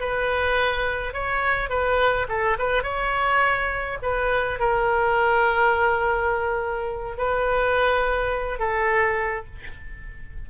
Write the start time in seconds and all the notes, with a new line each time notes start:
0.00 B4
1.14 C#5
1.70 B4
2.29 A4
2.59 B4
2.83 C#5
4.02 B4
4.60 A#4
7.18 B4
8.59 A4